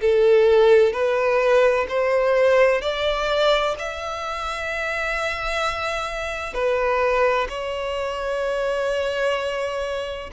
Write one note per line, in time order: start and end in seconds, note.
0.00 0.92 A4
0.92 1.86 B4
1.88 2.81 C5
2.81 3.75 D5
3.78 6.53 E5
6.53 7.47 B4
7.49 10.30 C#5